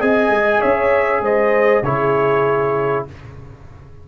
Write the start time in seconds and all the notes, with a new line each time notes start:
0.00 C4 G#4 D#5 G#5
0.29 G#3
0.61 C#4 C#5 E5
1.21 G#3 C5 D#5
1.83 C#3 E4 G#4 C#5